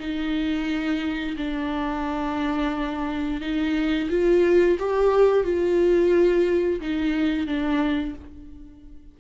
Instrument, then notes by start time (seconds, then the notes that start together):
viola
0.00 D#4
1.37 D4
3.41 D#4
4.10 F4
4.79 G4
5.44 F4
6.81 D#4
7.47 D4